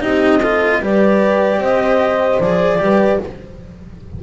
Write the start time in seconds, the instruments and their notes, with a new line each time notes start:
0.00 double bass C4, cello D#4, horn G4, clarinet D#5
0.41 cello F4, horn A4
0.80 double bass G3, cello G4, horn B4, clarinet D5
1.58 double bass C4, horn C5, clarinet D#5
2.40 double bass F3, cello G#4, clarinet D5
2.79 double bass G3, cello G4, horn B4